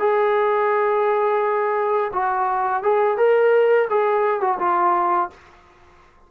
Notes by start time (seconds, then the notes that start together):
0.00 G#4
2.14 F#4
2.83 G#4
3.18 A#4
3.90 G#4
4.41 F#4
4.60 F4